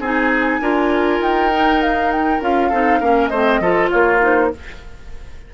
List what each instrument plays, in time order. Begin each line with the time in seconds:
0.00 bassoon C4, clarinet D#4, oboe G#4, flute G#5
0.60 bassoon D4, clarinet F4, oboe A#4
1.20 bassoon D#4, flute G5
1.52 clarinet D#4
1.82 flute F5
2.12 flute G5
2.41 bassoon C#4, clarinet F4, flute F5
2.69 bassoon C4, clarinet D#4, oboe A4
3.00 bassoon A#3, clarinet C#4, oboe A#4
3.28 bassoon A3, clarinet C4, oboe C5, flute D#5
3.60 bassoon F3, clarinet F4, oboe A4
3.90 bassoon A#3, oboe F4, flute C#5
4.21 clarinet D#4, flute C5